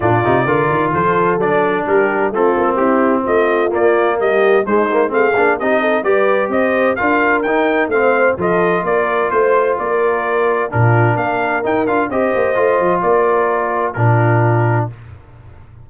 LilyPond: <<
  \new Staff \with { instrumentName = "trumpet" } { \time 4/4 \tempo 4 = 129 d''2 c''4 d''4 | ais'4 a'4 g'4 dis''4 | d''4 dis''4 c''4 f''4 | dis''4 d''4 dis''4 f''4 |
g''4 f''4 dis''4 d''4 | c''4 d''2 ais'4 | f''4 g''8 f''8 dis''2 | d''2 ais'2 | }
  \new Staff \with { instrumentName = "horn" } { \time 4/4 f'4 ais'4 a'2 | g'4 f'4 e'4 f'4~ | f'4 g'4 dis'4 gis'4 | g'8 a'8 b'4 c''4 ais'4~ |
ais'4 c''4 a'4 ais'4 | c''4 ais'2 f'4 | ais'2 c''2 | ais'2 f'2 | }
  \new Staff \with { instrumentName = "trombone" } { \time 4/4 d'8 dis'8 f'2 d'4~ | d'4 c'2. | ais2 gis8 ais8 c'8 d'8 | dis'4 g'2 f'4 |
dis'4 c'4 f'2~ | f'2. d'4~ | d'4 dis'8 f'8 g'4 f'4~ | f'2 d'2 | }
  \new Staff \with { instrumentName = "tuba" } { \time 4/4 ais,8 c8 d8 dis8 f4 fis4 | g4 a8 ais8 c'4 a4 | ais4 g4 gis4 a8 ais8 | c'4 g4 c'4 d'4 |
dis'4 a4 f4 ais4 | a4 ais2 ais,4 | ais4 dis'8 d'8 c'8 ais8 a8 f8 | ais2 ais,2 | }
>>